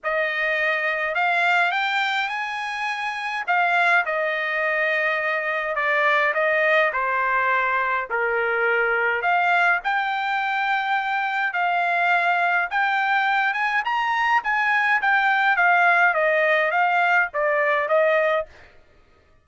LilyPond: \new Staff \with { instrumentName = "trumpet" } { \time 4/4 \tempo 4 = 104 dis''2 f''4 g''4 | gis''2 f''4 dis''4~ | dis''2 d''4 dis''4 | c''2 ais'2 |
f''4 g''2. | f''2 g''4. gis''8 | ais''4 gis''4 g''4 f''4 | dis''4 f''4 d''4 dis''4 | }